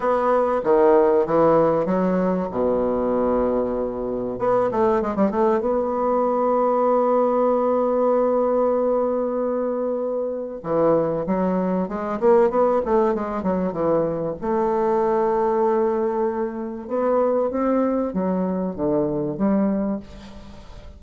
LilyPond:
\new Staff \with { instrumentName = "bassoon" } { \time 4/4 \tempo 4 = 96 b4 dis4 e4 fis4 | b,2. b8 a8 | gis16 g16 a8 b2.~ | b1~ |
b4 e4 fis4 gis8 ais8 | b8 a8 gis8 fis8 e4 a4~ | a2. b4 | c'4 fis4 d4 g4 | }